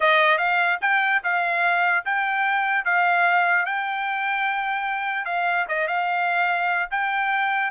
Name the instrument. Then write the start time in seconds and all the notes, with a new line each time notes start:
trumpet
0.00 D#5
0.38 F5
0.81 G5
1.23 F5
2.05 G5
2.84 F5
3.65 G5
5.25 F5
5.68 D#5
5.87 F5
6.90 G5